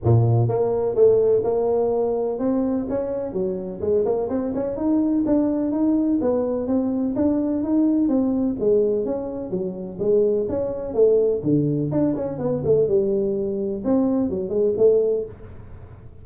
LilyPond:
\new Staff \with { instrumentName = "tuba" } { \time 4/4 \tempo 4 = 126 ais,4 ais4 a4 ais4~ | ais4 c'4 cis'4 fis4 | gis8 ais8 c'8 cis'8 dis'4 d'4 | dis'4 b4 c'4 d'4 |
dis'4 c'4 gis4 cis'4 | fis4 gis4 cis'4 a4 | d4 d'8 cis'8 b8 a8 g4~ | g4 c'4 fis8 gis8 a4 | }